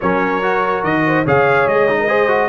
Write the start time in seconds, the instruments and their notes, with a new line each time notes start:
0.00 tuba F#3, trombone C#4, horn A#4, trumpet C#5
0.42 trombone F#4
0.83 tuba D#3, trumpet D#5
1.07 horn C5
1.25 tuba C#3, trombone G#4, horn C#5, trumpet F5
1.66 tuba G#3, trumpet D#5
1.88 trombone D#4
2.00 horn A#4
2.07 trombone G#4, horn C5
2.28 trombone F#4